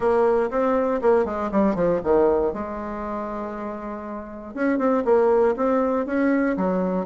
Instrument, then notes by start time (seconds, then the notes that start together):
bassoon
0.00 A#3
0.50 C4
1.01 A#3
1.25 G#3
1.51 G3
1.75 F3
2.03 D#3
2.53 G#3
4.54 C#4
4.78 C4
5.04 A#3
5.56 C4
6.06 C#4
6.56 F#3